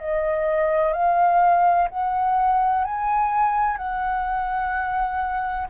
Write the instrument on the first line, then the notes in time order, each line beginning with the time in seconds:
flute
0.00 D#5
0.94 F5
1.90 F#5
2.85 G#5
3.78 F#5